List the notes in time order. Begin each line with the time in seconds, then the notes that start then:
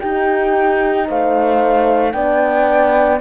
0.00 D#4 G4 G5
1.08 A3 C5 F5
2.12 B3 D4 D5 G5